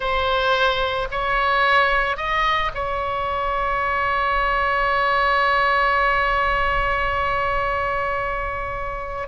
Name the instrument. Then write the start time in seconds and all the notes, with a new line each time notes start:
oboe
0.00 C5
1.11 C#5
2.16 D#5
2.74 C#5